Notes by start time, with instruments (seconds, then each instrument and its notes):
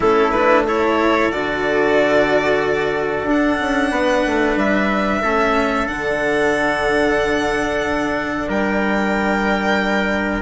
0.00 bassoon A3, cello C#4, trumpet E4, violin A4
0.31 cello D4, violin B4
0.67 cello E4, trumpet A4, violin C#5
1.31 bassoon D3, cello F#4, violin D5
3.23 bassoon D4, cello D4
3.30 violin F#5
3.60 bassoon C#4
3.90 bassoon B3, trumpet B4
4.26 bassoon A3
4.56 bassoon G3, violin E5
5.21 bassoon A3, cello C#4, trumpet A4
5.87 bassoon D3, cello D4, violin F#5
8.48 bassoon G3, trumpet A#4, violin G5